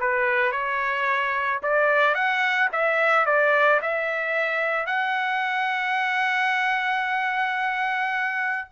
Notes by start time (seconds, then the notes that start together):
0.00 B4
0.52 C#5
1.63 D5
2.15 F#5
2.72 E5
3.26 D5
3.82 E5
4.86 F#5